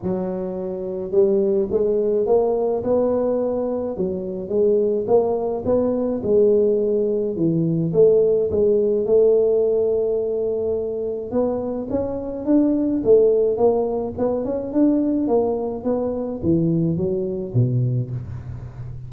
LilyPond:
\new Staff \with { instrumentName = "tuba" } { \time 4/4 \tempo 4 = 106 fis2 g4 gis4 | ais4 b2 fis4 | gis4 ais4 b4 gis4~ | gis4 e4 a4 gis4 |
a1 | b4 cis'4 d'4 a4 | ais4 b8 cis'8 d'4 ais4 | b4 e4 fis4 b,4 | }